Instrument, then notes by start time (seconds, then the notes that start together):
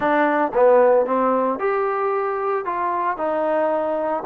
trombone
0.00 D4
0.53 B3
1.05 C4
1.59 G4
2.65 F4
3.17 D#4